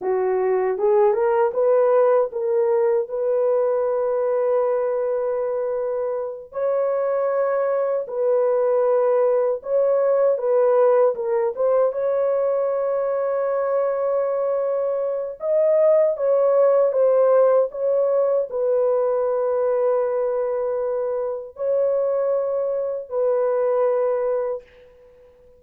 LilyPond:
\new Staff \with { instrumentName = "horn" } { \time 4/4 \tempo 4 = 78 fis'4 gis'8 ais'8 b'4 ais'4 | b'1~ | b'8 cis''2 b'4.~ | b'8 cis''4 b'4 ais'8 c''8 cis''8~ |
cis''1 | dis''4 cis''4 c''4 cis''4 | b'1 | cis''2 b'2 | }